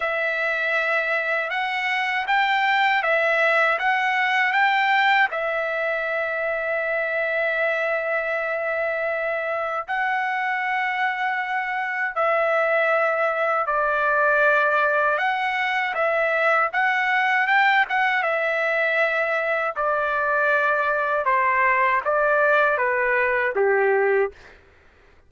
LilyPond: \new Staff \with { instrumentName = "trumpet" } { \time 4/4 \tempo 4 = 79 e''2 fis''4 g''4 | e''4 fis''4 g''4 e''4~ | e''1~ | e''4 fis''2. |
e''2 d''2 | fis''4 e''4 fis''4 g''8 fis''8 | e''2 d''2 | c''4 d''4 b'4 g'4 | }